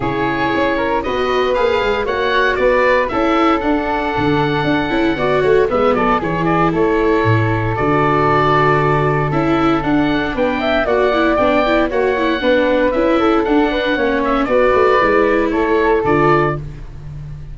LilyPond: <<
  \new Staff \with { instrumentName = "oboe" } { \time 4/4 \tempo 4 = 116 cis''2 dis''4 f''4 | fis''4 d''4 e''4 fis''4~ | fis''2. e''8 d''8 | cis''8 d''8 cis''2 d''4~ |
d''2 e''4 fis''4 | g''4 fis''4 g''4 fis''4~ | fis''4 e''4 fis''4. e''8 | d''2 cis''4 d''4 | }
  \new Staff \with { instrumentName = "flute" } { \time 4/4 gis'4. ais'8 b'2 | cis''4 b'4 a'2~ | a'2 d''8 cis''8 b'8 a'8 | gis'4 a'2.~ |
a'1 | b'8 e''8 d''2 cis''4 | b'4. a'4 b'8 cis''4 | b'2 a'2 | }
  \new Staff \with { instrumentName = "viola" } { \time 4/4 e'2 fis'4 gis'4 | fis'2 e'4 d'4~ | d'4. e'8 fis'4 b4 | e'2. fis'4~ |
fis'2 e'4 d'4~ | d'4 fis'8 e'8 d'8 e'8 fis'8 e'8 | d'4 e'4 d'4 cis'4 | fis'4 e'2 f'4 | }
  \new Staff \with { instrumentName = "tuba" } { \time 4/4 cis4 cis'4 b4 ais8 gis8 | ais4 b4 cis'4 d'4 | d4 d'8 cis'8 b8 a8 gis8 fis8 | e4 a4 a,4 d4~ |
d2 cis'4 d'4 | b4 ais4 b4 ais4 | b4 cis'4 d'4 ais4 | b8 a8 gis4 a4 d4 | }
>>